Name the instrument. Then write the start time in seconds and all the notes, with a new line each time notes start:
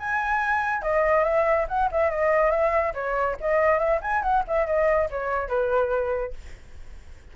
flute
0.00 G#5
0.82 D#5
1.24 E5
1.68 F#5
1.92 E5
2.10 D#5
2.51 E5
2.94 C#5
3.41 D#5
3.79 E5
4.02 G#5
4.22 F#5
4.48 E5
4.67 D#5
5.11 C#5
5.49 B4